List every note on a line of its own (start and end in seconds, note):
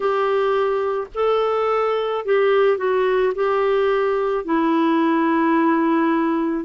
0.00 1.07 G4
1.14 2.25 A4
2.25 2.77 G4
2.77 3.33 F#4
3.34 4.44 G4
4.44 6.64 E4